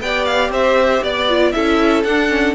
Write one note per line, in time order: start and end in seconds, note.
0.00 0.49 B3
0.00 1.29 G4
0.00 0.51 D5
0.00 0.25 G5
0.25 0.50 F5
0.49 1.01 C4
0.49 1.02 C5
0.49 1.04 E5
1.02 1.53 B3
1.02 1.54 D5
1.02 1.52 D5
1.29 1.54 F4
1.52 2.04 C#4
1.52 2.05 E4
1.52 2.55 A4
1.52 2.03 E5
2.04 2.55 D4
2.04 2.28 D4
2.04 2.55 F#5
2.28 2.54 C#4